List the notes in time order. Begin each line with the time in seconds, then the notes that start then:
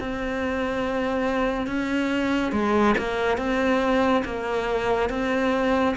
0.00 C4
1.67 C#4
2.52 G#3
2.98 A#3
3.38 C4
4.25 A#3
5.10 C4